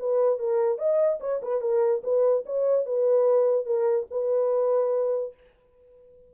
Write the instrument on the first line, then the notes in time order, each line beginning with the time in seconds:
horn
0.00 B4
0.40 A#4
0.78 D#5
1.21 C#5
1.43 B4
1.61 A#4
2.04 B4
2.46 C#5
2.86 B4
3.66 A#4
4.11 B4